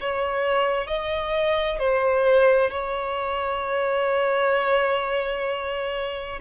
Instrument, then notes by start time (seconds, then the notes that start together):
violin
0.00 C#5
0.87 D#5
1.79 C5
2.71 C#5